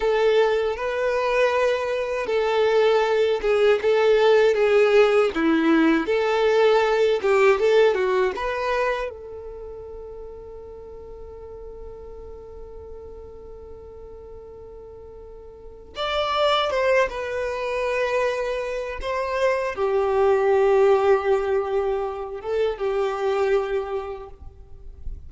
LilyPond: \new Staff \with { instrumentName = "violin" } { \time 4/4 \tempo 4 = 79 a'4 b'2 a'4~ | a'8 gis'8 a'4 gis'4 e'4 | a'4. g'8 a'8 fis'8 b'4 | a'1~ |
a'1~ | a'4 d''4 c''8 b'4.~ | b'4 c''4 g'2~ | g'4. a'8 g'2 | }